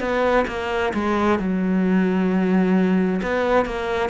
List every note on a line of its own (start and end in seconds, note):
0.00 0.45 B3
0.48 0.93 A#3
0.94 1.39 G#3
1.39 3.21 F#3
3.23 3.66 B3
3.66 4.10 A#3